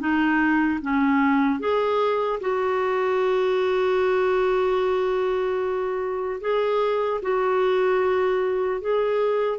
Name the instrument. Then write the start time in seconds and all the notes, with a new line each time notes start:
clarinet
0.00 D#4
0.82 C#4
1.60 G#4
2.41 F#4
6.41 G#4
7.23 F#4
8.81 G#4